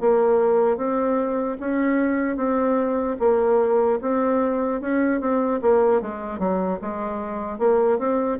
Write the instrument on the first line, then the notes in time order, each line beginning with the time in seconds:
bassoon
0.00 A#3
0.77 C4
1.60 C#4
2.36 C4
3.19 A#3
4.01 C4
4.81 C#4
5.20 C4
5.61 A#3
6.01 G#3
6.39 F#3
6.81 G#3
7.59 A#3
7.98 C4